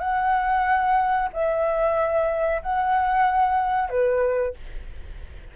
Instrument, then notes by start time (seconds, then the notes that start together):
flute
0.00 F#5
1.33 E5
2.62 F#5
3.90 B4